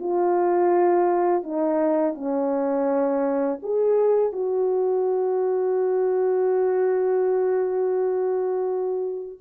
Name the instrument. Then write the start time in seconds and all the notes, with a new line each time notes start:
horn
0.00 F4
1.44 D#4
2.15 C#4
3.63 G#4
4.33 F#4